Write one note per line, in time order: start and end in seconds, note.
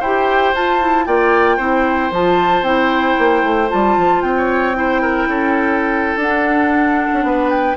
0.00 0.54 E4
0.00 0.55 G4
0.00 1.05 C5
0.00 0.54 G5
0.55 1.07 F4
0.55 0.81 F4
0.55 1.07 A5
0.81 1.07 E4
1.07 1.58 A#3
1.07 1.59 F4
1.07 1.57 D5
1.07 2.12 G5
1.57 2.11 C4
1.57 2.12 E4
1.57 4.33 C5
2.12 2.63 F3
2.12 2.65 F4
2.12 2.64 A5
2.63 3.15 C4
2.63 3.69 E4
2.63 3.69 G5
3.19 3.44 A#3
3.44 3.70 A3
3.69 3.98 G3
3.69 4.74 F4
3.69 4.22 A5
3.98 4.23 F3
4.22 5.28 C4
4.22 6.19 G5
4.38 4.77 C#5
4.74 6.19 E4
4.74 5.02 C5
5.02 5.28 A#4
5.28 6.16 C#4
5.28 7.27 A4
6.16 7.08 D4
6.16 7.50 F#5
6.24 7.77 D4
7.14 7.23 C#4
7.23 7.76 B3
7.23 7.77 B4
7.50 7.76 G5